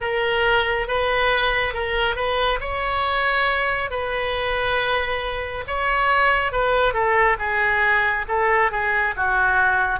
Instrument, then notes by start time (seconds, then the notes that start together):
oboe
0.00 A#4
0.87 B4
1.73 A#4
2.15 B4
2.60 C#5
3.90 B4
5.67 C#5
6.51 B4
6.93 A4
7.38 G#4
8.28 A4
8.71 G#4
9.16 F#4